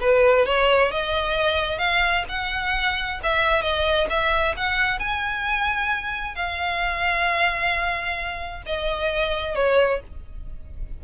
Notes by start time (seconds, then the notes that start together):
0.00 B4
0.45 C#5
0.91 D#5
1.78 F5
2.29 F#5
3.23 E5
3.62 D#5
4.09 E5
4.57 F#5
4.99 G#5
6.35 F5
8.66 D#5
9.55 C#5